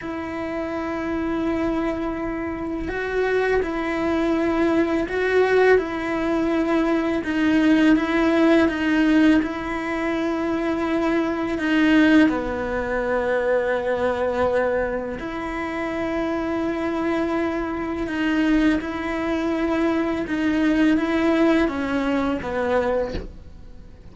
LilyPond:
\new Staff \with { instrumentName = "cello" } { \time 4/4 \tempo 4 = 83 e'1 | fis'4 e'2 fis'4 | e'2 dis'4 e'4 | dis'4 e'2. |
dis'4 b2.~ | b4 e'2.~ | e'4 dis'4 e'2 | dis'4 e'4 cis'4 b4 | }